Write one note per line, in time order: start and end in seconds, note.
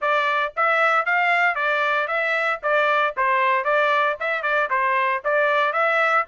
0.01 0.53 D5
0.56 1.05 E5
1.05 1.55 F5
1.55 2.07 D5
2.07 2.59 E5
2.62 3.14 D5
3.17 3.64 C5
3.64 4.16 D5
4.20 4.42 E5
4.42 4.68 D5
4.70 5.22 C5
5.24 5.72 D5
5.72 6.24 E5